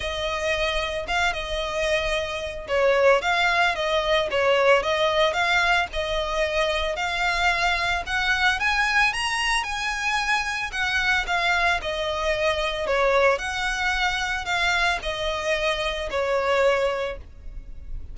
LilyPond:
\new Staff \with { instrumentName = "violin" } { \time 4/4 \tempo 4 = 112 dis''2 f''8 dis''4.~ | dis''4 cis''4 f''4 dis''4 | cis''4 dis''4 f''4 dis''4~ | dis''4 f''2 fis''4 |
gis''4 ais''4 gis''2 | fis''4 f''4 dis''2 | cis''4 fis''2 f''4 | dis''2 cis''2 | }